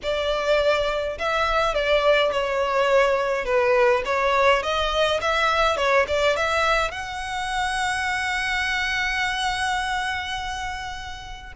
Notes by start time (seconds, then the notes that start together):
0.02 D5
1.18 E5
1.74 D5
2.31 C#5
3.45 B4
4.05 C#5
4.63 D#5
5.21 E5
5.77 C#5
6.07 D5
6.36 E5
6.91 F#5